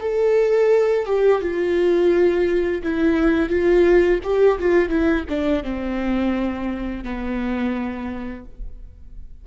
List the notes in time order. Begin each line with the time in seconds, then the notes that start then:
0.00 A4
1.06 G4
1.41 F4
2.83 E4
3.49 F4
4.23 G4
4.59 F4
4.89 E4
5.29 D4
5.63 C4
7.03 B3